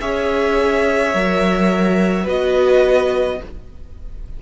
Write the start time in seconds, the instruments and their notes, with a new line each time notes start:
0.00 cello C#4, viola G#4, violin C#5 E5
1.14 cello F#3, viola A#4
2.23 cello B3, viola F#4, violin B4 D#5